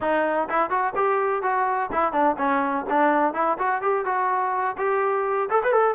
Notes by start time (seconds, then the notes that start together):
0.00 D#4
0.49 E4
0.69 F#4
0.95 G4
1.42 F#4
1.92 E4
2.12 D4
2.38 C#4
2.89 D4
3.33 E4
3.58 F#4
3.81 G4
4.05 F#4
4.77 G4
5.50 A4
5.63 B4
5.72 A4